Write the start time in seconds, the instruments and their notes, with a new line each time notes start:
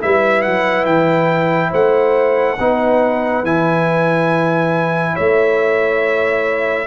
0.00 tuba G3, trombone E4, horn B4, trumpet E5
0.41 tuba F#3, trumpet F#5
0.85 tuba E3, trumpet G5
1.69 tuba A3, horn C5, trumpet F#5
2.58 tuba B3, trombone D#4, horn B4
3.43 tuba E3, trombone E4, trumpet G#5
5.13 tuba A3, horn C#5, trumpet E5